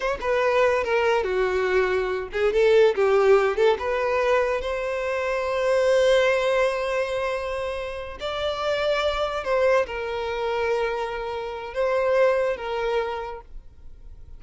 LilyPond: \new Staff \with { instrumentName = "violin" } { \time 4/4 \tempo 4 = 143 cis''8 b'4. ais'4 fis'4~ | fis'4. gis'8 a'4 g'4~ | g'8 a'8 b'2 c''4~ | c''1~ |
c''2.~ c''8 d''8~ | d''2~ d''8 c''4 ais'8~ | ais'1 | c''2 ais'2 | }